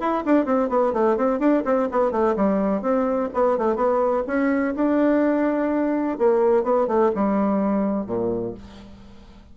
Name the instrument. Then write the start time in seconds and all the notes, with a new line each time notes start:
bassoon
0.00 E4
0.25 D4
0.45 C4
0.69 B3
0.93 A3
1.17 C4
1.39 D4
1.65 C4
1.91 B3
2.11 A3
2.36 G3
2.81 C4
3.34 B3
3.58 A3
3.76 B3
4.27 C#4
4.75 D4
6.18 A#3
6.63 B3
6.87 A3
7.15 G3
8.06 A#2